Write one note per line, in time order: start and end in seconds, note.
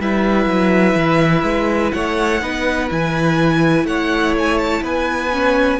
0.00 0.46 G3
0.00 2.42 E4
0.00 1.95 B4
0.00 1.92 E5
0.46 0.95 F#3
0.96 1.44 E3
1.44 1.92 G#3
1.92 2.42 A3
1.92 2.42 C#5
1.92 2.89 F#5
2.42 2.90 B3
2.42 2.89 D#4
2.42 3.87 B4
2.89 3.85 E3
2.89 5.31 E4
2.89 3.87 G#5
3.85 4.81 A3
3.85 4.83 C#5
3.85 4.35 F#5
4.39 4.59 G#5
4.59 4.83 A5
4.82 5.79 B3
4.82 5.80 B4
4.82 5.80 G#5
5.32 5.80 C#4